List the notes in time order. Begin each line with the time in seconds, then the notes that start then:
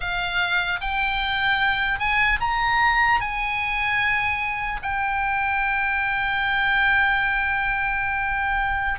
0.00 F5
0.80 G5
1.99 G#5
2.40 A#5
3.20 G#5
4.82 G5